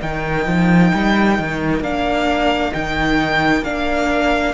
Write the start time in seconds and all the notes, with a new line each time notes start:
0.00 D#3 D#4 A#4 G5
0.46 F3
0.94 G3
1.38 D#3
1.80 A#3 D4 F5
2.71 D#3 D#4 G5
3.62 A#3 D4 F5